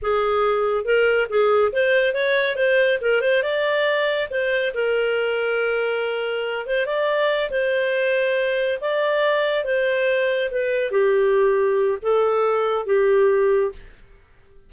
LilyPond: \new Staff \with { instrumentName = "clarinet" } { \time 4/4 \tempo 4 = 140 gis'2 ais'4 gis'4 | c''4 cis''4 c''4 ais'8 c''8 | d''2 c''4 ais'4~ | ais'2.~ ais'8 c''8 |
d''4. c''2~ c''8~ | c''8 d''2 c''4.~ | c''8 b'4 g'2~ g'8 | a'2 g'2 | }